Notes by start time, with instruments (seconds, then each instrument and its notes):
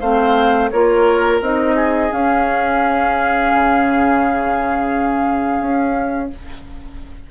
0.00 bassoon A3, clarinet C4, oboe C5, flute F5
0.70 bassoon A#3, clarinet F4, oboe A#4, flute C#5
1.41 bassoon C4, clarinet D#4, flute D#5
1.76 oboe G#4
2.11 clarinet C#4, bassoon C#4, flute F5
3.53 bassoon C#3
5.60 bassoon C#4